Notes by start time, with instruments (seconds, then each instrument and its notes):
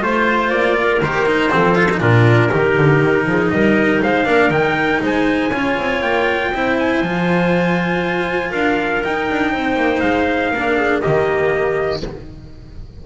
0.00 double bass A3, cello F4, clarinet C5, trumpet C5
0.50 double bass A#3, trumpet D5
0.80 clarinet A#4
1.01 double bass D#3, cello G4, trumpet C5
1.26 cello D#4
1.50 double bass F3, cello C4, clarinet A4
1.75 cello F4
1.91 cello D#4
2.00 double bass A#2, cello D4, clarinet F4, trumpet A#4
2.50 double bass D#3, cello D#4, clarinet G4
2.77 double bass D3
3.02 double bass D#3
3.25 double bass F3, clarinet G#4
3.50 double bass G3, clarinet A#4, trumpet D#5
4.03 double bass G#3, clarinet C5, trumpet F5
4.25 double bass A#3, cello D4, clarinet A#4
4.49 double bass D#3, cello D#4, trumpet G5
5.02 double bass G#3, clarinet C5, trumpet G#5
5.51 double bass C#4, cello F4, clarinet C#5
5.78 double bass C4
6.02 double bass A#3, trumpet G5
6.51 double bass C4, cello E4, clarinet C5
6.78 trumpet G#5
7.01 double bass F3, cello F4
8.52 double bass D4, clarinet A#4, trumpet F5
9.04 cello D#4, double bass D#4, trumpet G5
9.31 double bass D4
9.52 double bass C4, clarinet C5
9.76 double bass A#3
10.00 double bass G#3, trumpet F5
10.51 double bass A#3, cello D4, clarinet A#4
10.76 clarinet G#4
11.00 double bass D#3, cello A#3, clarinet G4, trumpet D#5